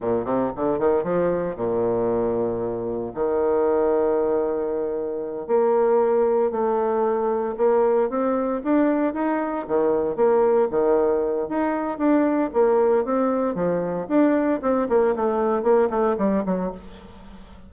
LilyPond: \new Staff \with { instrumentName = "bassoon" } { \time 4/4 \tempo 4 = 115 ais,8 c8 d8 dis8 f4 ais,4~ | ais,2 dis2~ | dis2~ dis8 ais4.~ | ais8 a2 ais4 c'8~ |
c'8 d'4 dis'4 dis4 ais8~ | ais8 dis4. dis'4 d'4 | ais4 c'4 f4 d'4 | c'8 ais8 a4 ais8 a8 g8 fis8 | }